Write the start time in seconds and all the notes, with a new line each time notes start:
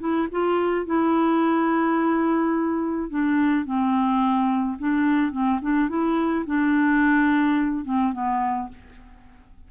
0.00 E4
0.32 F4
0.86 E4
3.10 D4
3.66 C4
4.79 D4
5.32 C4
5.62 D4
5.89 E4
6.46 D4
7.85 C4
8.13 B3